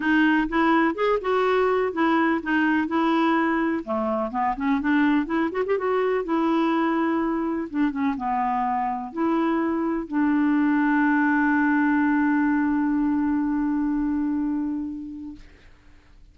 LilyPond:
\new Staff \with { instrumentName = "clarinet" } { \time 4/4 \tempo 4 = 125 dis'4 e'4 gis'8 fis'4. | e'4 dis'4 e'2 | a4 b8 cis'8 d'4 e'8 fis'16 g'16 | fis'4 e'2. |
d'8 cis'8 b2 e'4~ | e'4 d'2.~ | d'1~ | d'1 | }